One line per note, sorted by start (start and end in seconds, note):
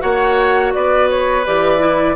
0.00 0.75 A#3
0.00 1.43 F#4
0.00 0.73 C#5
0.00 0.72 F#5
0.73 1.46 B3
0.73 2.16 B4
0.73 1.09 D5
1.10 1.45 C#5
1.46 2.16 E3
1.46 1.79 G4
1.46 2.16 D5
1.79 2.15 E4